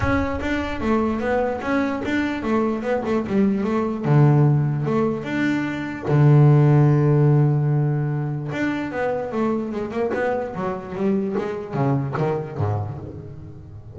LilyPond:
\new Staff \with { instrumentName = "double bass" } { \time 4/4 \tempo 4 = 148 cis'4 d'4 a4 b4 | cis'4 d'4 a4 b8 a8 | g4 a4 d2 | a4 d'2 d4~ |
d1~ | d4 d'4 b4 a4 | gis8 ais8 b4 fis4 g4 | gis4 cis4 dis4 gis,4 | }